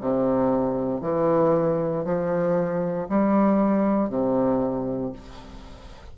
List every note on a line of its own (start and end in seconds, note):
0.00 1.01 C3
1.01 2.04 E3
2.04 3.08 F3
3.08 4.09 G3
4.09 5.13 C3